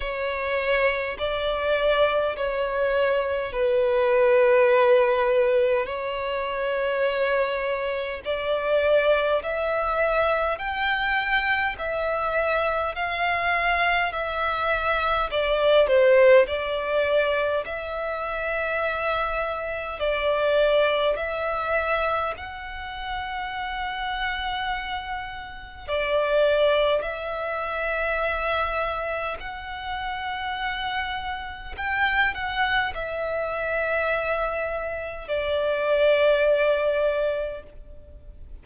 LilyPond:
\new Staff \with { instrumentName = "violin" } { \time 4/4 \tempo 4 = 51 cis''4 d''4 cis''4 b'4~ | b'4 cis''2 d''4 | e''4 g''4 e''4 f''4 | e''4 d''8 c''8 d''4 e''4~ |
e''4 d''4 e''4 fis''4~ | fis''2 d''4 e''4~ | e''4 fis''2 g''8 fis''8 | e''2 d''2 | }